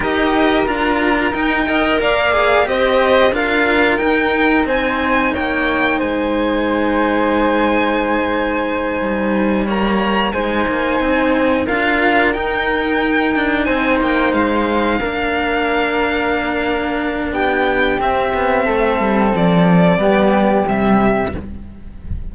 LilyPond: <<
  \new Staff \with { instrumentName = "violin" } { \time 4/4 \tempo 4 = 90 dis''4 ais''4 g''4 f''4 | dis''4 f''4 g''4 gis''4 | g''4 gis''2.~ | gis''2~ gis''8 ais''4 gis''8~ |
gis''4. f''4 g''4.~ | g''8 gis''8 g''8 f''2~ f''8~ | f''2 g''4 e''4~ | e''4 d''2 e''4 | }
  \new Staff \with { instrumentName = "flute" } { \time 4/4 ais'2~ ais'8 dis''8 d''4 | c''4 ais'2 c''4 | cis''4 c''2.~ | c''2~ c''8 cis''4 c''8~ |
c''4. ais'2~ ais'8~ | ais'8 c''2 ais'4.~ | ais'2 g'2 | a'2 g'2 | }
  \new Staff \with { instrumentName = "cello" } { \time 4/4 g'4 f'4 dis'8 ais'4 gis'8 | g'4 f'4 dis'2~ | dis'1~ | dis'2~ dis'8 ais4 dis'8~ |
dis'4. f'4 dis'4.~ | dis'2~ dis'8 d'4.~ | d'2. c'4~ | c'2 b4 g4 | }
  \new Staff \with { instrumentName = "cello" } { \time 4/4 dis'4 d'4 dis'4 ais4 | c'4 d'4 dis'4 c'4 | ais4 gis2.~ | gis4. g2 gis8 |
ais8 c'4 d'4 dis'4. | d'8 c'8 ais8 gis4 ais4.~ | ais2 b4 c'8 b8 | a8 g8 f4 g4 c4 | }
>>